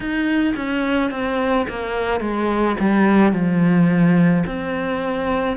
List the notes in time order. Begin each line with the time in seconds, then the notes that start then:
0.00 D#4
0.56 C#4
1.11 C4
1.69 A#3
2.20 G#3
2.79 G3
3.32 F3
4.46 C4